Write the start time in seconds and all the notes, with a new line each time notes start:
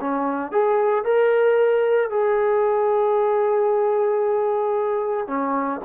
0.00 C#4
0.51 G#4
1.05 A#4
2.10 G#4
5.27 C#4